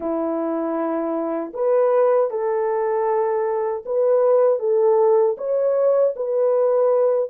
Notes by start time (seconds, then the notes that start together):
0.00 E4
1.53 B4
2.30 A4
3.85 B4
4.59 A4
5.37 C#5
6.16 B4